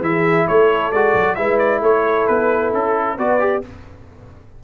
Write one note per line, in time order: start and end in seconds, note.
0.00 0.45 E3
0.00 0.92 E4
0.00 0.46 G#4
0.00 0.47 E5
0.46 0.91 A3
0.46 1.37 A4
0.46 0.92 C#5
0.91 1.14 G#3
0.91 1.36 F#4
0.91 1.35 D5
1.14 1.37 F#3
1.35 1.81 G#3
1.35 3.17 E4
1.35 1.81 B4
1.35 1.57 E5
1.58 1.80 D5
1.81 2.26 A3
1.81 3.16 A4
1.81 2.27 C#5
2.27 2.73 B3
2.27 2.72 B4
2.73 3.18 C#4
2.73 3.18 A4
3.16 3.63 B3
3.16 3.39 F#4
3.16 3.61 B4
3.16 3.63 D5
3.39 3.62 G4